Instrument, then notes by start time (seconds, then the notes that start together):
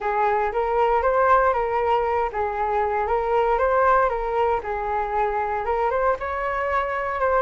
flute
0.00 G#4
0.52 A#4
1.02 C5
1.53 A#4
2.32 G#4
3.07 A#4
3.58 C5
4.09 A#4
4.63 G#4
5.65 A#4
5.90 C5
6.19 C#5
7.20 C5